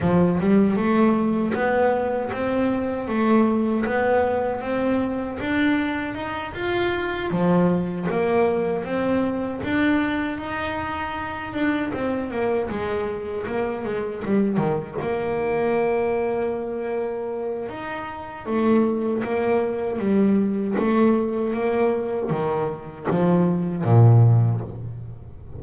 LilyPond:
\new Staff \with { instrumentName = "double bass" } { \time 4/4 \tempo 4 = 78 f8 g8 a4 b4 c'4 | a4 b4 c'4 d'4 | dis'8 f'4 f4 ais4 c'8~ | c'8 d'4 dis'4. d'8 c'8 |
ais8 gis4 ais8 gis8 g8 dis8 ais8~ | ais2. dis'4 | a4 ais4 g4 a4 | ais4 dis4 f4 ais,4 | }